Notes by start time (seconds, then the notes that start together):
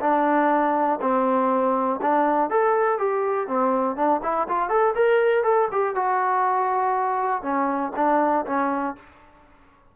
0.00 D4
1.01 C4
2.01 D4
2.50 A4
2.98 G4
3.47 C4
3.96 D4
4.23 E4
4.48 F4
4.69 A4
4.95 A#4
5.43 A4
5.71 G4
5.95 F#4
7.42 C#4
7.96 D4
8.45 C#4